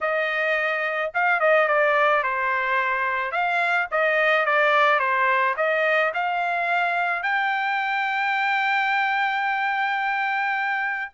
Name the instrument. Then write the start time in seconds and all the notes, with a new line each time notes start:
trumpet
0.00 D#5
1.13 F5
1.40 D#5
1.67 D5
2.23 C5
3.31 F5
3.91 D#5
4.45 D5
4.99 C5
5.57 D#5
6.13 F5
7.22 G5